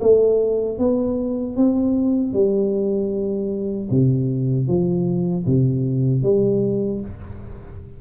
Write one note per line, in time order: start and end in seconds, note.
0.00 0.78 A3
0.78 1.56 B3
1.56 2.33 C4
2.33 3.89 G3
3.90 4.68 C3
4.68 5.45 F3
5.46 6.22 C3
6.22 7.00 G3